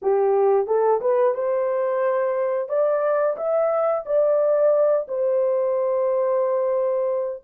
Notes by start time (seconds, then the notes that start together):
0.02 G4
0.66 A4
1.00 B4
1.34 C5
2.68 D5
3.36 E5
4.05 D5
5.07 C5